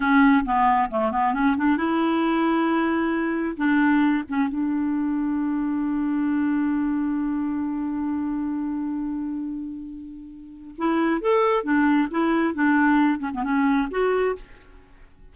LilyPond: \new Staff \with { instrumentName = "clarinet" } { \time 4/4 \tempo 4 = 134 cis'4 b4 a8 b8 cis'8 d'8 | e'1 | d'4. cis'8 d'2~ | d'1~ |
d'1~ | d'1 | e'4 a'4 d'4 e'4 | d'4. cis'16 b16 cis'4 fis'4 | }